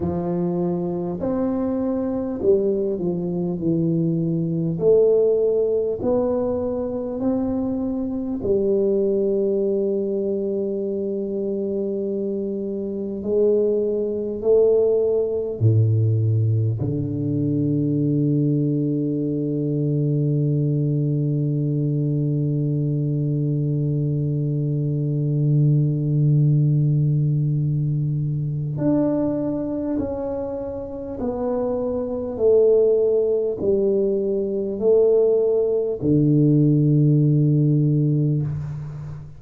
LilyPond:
\new Staff \with { instrumentName = "tuba" } { \time 4/4 \tempo 4 = 50 f4 c'4 g8 f8 e4 | a4 b4 c'4 g4~ | g2. gis4 | a4 a,4 d2~ |
d1~ | d1 | d'4 cis'4 b4 a4 | g4 a4 d2 | }